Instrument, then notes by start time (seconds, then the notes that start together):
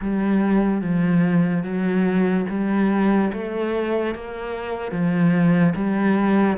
cello
0.01 G3
0.81 F3
1.63 F#3
2.49 G3
3.33 A3
4.14 A#3
4.91 F3
5.75 G3